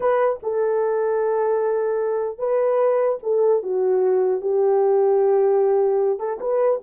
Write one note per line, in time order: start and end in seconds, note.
0.00 0.39 B4
0.42 2.38 A4
2.38 3.18 B4
3.23 3.62 A4
3.62 4.41 F#4
4.41 6.19 G4
6.19 6.39 A4
6.40 6.80 B4